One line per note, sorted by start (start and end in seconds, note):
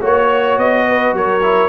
0.00 0.58 A#3
0.00 1.41 F#4
0.00 0.84 C#5
0.00 0.58 C#5
0.58 1.13 B3
0.58 1.14 D#5
0.88 1.16 B4
1.13 1.69 F#3
1.13 1.69 A#4
1.13 1.69 C#5
1.42 1.69 E4